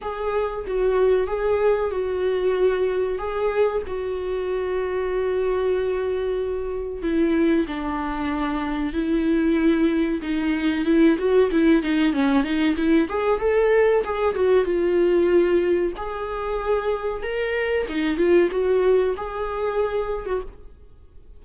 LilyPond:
\new Staff \with { instrumentName = "viola" } { \time 4/4 \tempo 4 = 94 gis'4 fis'4 gis'4 fis'4~ | fis'4 gis'4 fis'2~ | fis'2. e'4 | d'2 e'2 |
dis'4 e'8 fis'8 e'8 dis'8 cis'8 dis'8 | e'8 gis'8 a'4 gis'8 fis'8 f'4~ | f'4 gis'2 ais'4 | dis'8 f'8 fis'4 gis'4.~ gis'16 fis'16 | }